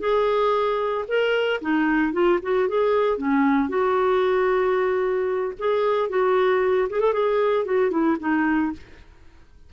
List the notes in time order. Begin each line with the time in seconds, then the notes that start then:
0.00 G#4
1.08 A#4
1.62 D#4
2.13 F4
2.43 F#4
2.69 G#4
3.18 C#4
3.69 F#4
5.59 G#4
6.10 F#4
6.90 G#4
7.00 A4
7.14 G#4
7.66 F#4
7.91 E4
8.20 D#4